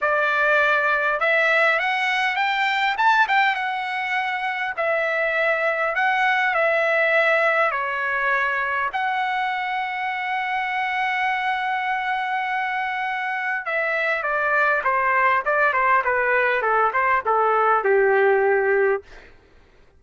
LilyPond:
\new Staff \with { instrumentName = "trumpet" } { \time 4/4 \tempo 4 = 101 d''2 e''4 fis''4 | g''4 a''8 g''8 fis''2 | e''2 fis''4 e''4~ | e''4 cis''2 fis''4~ |
fis''1~ | fis''2. e''4 | d''4 c''4 d''8 c''8 b'4 | a'8 c''8 a'4 g'2 | }